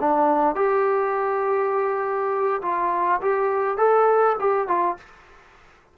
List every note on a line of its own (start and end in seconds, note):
0.00 0.56 D4
0.56 2.61 G4
2.62 3.21 F4
3.22 3.78 G4
3.78 4.36 A4
4.40 4.68 G4
4.68 4.97 F4